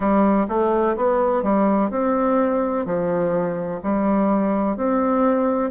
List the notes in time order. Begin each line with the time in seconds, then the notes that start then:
0.00 G3
0.48 A3
0.96 B3
1.42 G3
1.90 C4
2.85 F3
3.83 G3
4.77 C4